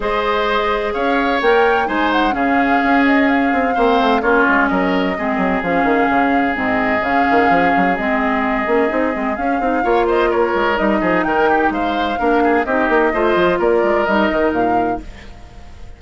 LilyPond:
<<
  \new Staff \with { instrumentName = "flute" } { \time 4/4 \tempo 4 = 128 dis''2 f''4 g''4 | gis''8 fis''8 f''4. dis''8 f''4~ | f''4 cis''4 dis''2 | f''2 dis''4 f''4~ |
f''4 dis''2. | f''4. dis''8 cis''4 dis''4 | g''4 f''2 dis''4~ | dis''4 d''4 dis''4 f''4 | }
  \new Staff \with { instrumentName = "oboe" } { \time 4/4 c''2 cis''2 | c''4 gis'2. | c''4 f'4 ais'4 gis'4~ | gis'1~ |
gis'1~ | gis'4 cis''8 c''8 ais'4. gis'8 | ais'8 g'8 c''4 ais'8 gis'8 g'4 | c''4 ais'2. | }
  \new Staff \with { instrumentName = "clarinet" } { \time 4/4 gis'2. ais'4 | dis'4 cis'2. | c'4 cis'2 c'4 | cis'2 c'4 cis'4~ |
cis'4 c'4. cis'8 dis'8 c'8 | cis'8 dis'8 f'2 dis'4~ | dis'2 d'4 dis'4 | f'2 dis'2 | }
  \new Staff \with { instrumentName = "bassoon" } { \time 4/4 gis2 cis'4 ais4 | gis4 cis4 cis'4. c'8 | ais8 a8 ais8 gis8 fis4 gis8 fis8 | f8 dis8 cis4 gis,4 cis8 dis8 |
f8 fis8 gis4. ais8 c'8 gis8 | cis'8 c'8 ais4. gis8 g8 f8 | dis4 gis4 ais4 c'8 ais8 | a8 f8 ais8 gis8 g8 dis8 ais,4 | }
>>